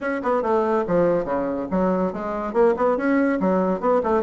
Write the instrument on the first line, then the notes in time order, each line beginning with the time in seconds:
bassoon
0.00 C#4
0.22 B3
0.42 A3
0.87 F3
1.24 C#3
1.70 F#3
2.13 G#3
2.53 A#3
2.76 B3
2.97 C#4
3.40 F#3
3.80 B3
4.03 A3